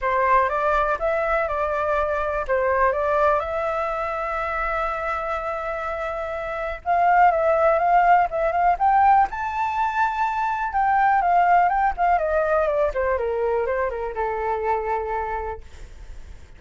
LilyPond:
\new Staff \with { instrumentName = "flute" } { \time 4/4 \tempo 4 = 123 c''4 d''4 e''4 d''4~ | d''4 c''4 d''4 e''4~ | e''1~ | e''2 f''4 e''4 |
f''4 e''8 f''8 g''4 a''4~ | a''2 g''4 f''4 | g''8 f''8 dis''4 d''8 c''8 ais'4 | c''8 ais'8 a'2. | }